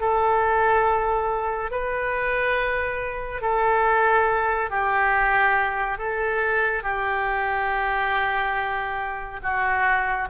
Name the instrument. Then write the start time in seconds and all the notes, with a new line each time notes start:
oboe
0.00 A4
1.71 B4
3.41 A4
4.70 G4
5.98 A4
6.83 G4
9.42 F#4